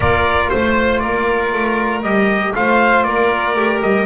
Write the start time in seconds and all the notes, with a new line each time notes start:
0.00 A#3 F4 A#4 D5
0.49 A3 C5
0.99 A#3 A#4 D5
1.52 A3
2.02 G3 G4 D#5
2.55 A3 F4 C5 F5
3.03 A#3 A#4 D5
3.55 A3 G4
3.82 G3 D#5